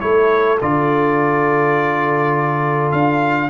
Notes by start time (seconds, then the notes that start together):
0.00 A3 E4 A4 C#5
0.61 D3 F4 D5
2.92 D4 F5